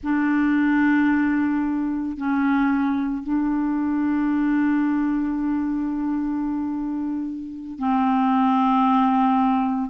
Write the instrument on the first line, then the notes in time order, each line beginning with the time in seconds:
clarinet
0.03 D4
2.17 C#4
3.23 D4
7.78 C4